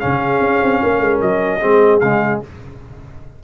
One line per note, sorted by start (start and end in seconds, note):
0.00 0.41 C#3
0.00 1.60 C#4
0.00 0.82 G#4
0.00 1.20 F5
0.41 0.61 C#4
0.62 0.82 C4
0.83 1.00 A#3
0.83 1.60 A#4
1.00 1.20 G#3
1.21 1.61 F#3
1.21 2.00 D#5
1.60 2.02 G#3
1.60 2.01 C4
1.60 2.40 G#4
2.00 2.42 C#3
2.00 2.44 G#3
2.00 2.40 F5